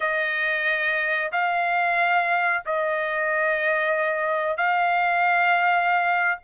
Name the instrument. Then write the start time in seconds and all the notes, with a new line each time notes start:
trumpet
0.00 D#5
1.32 F5
2.65 D#5
4.57 F5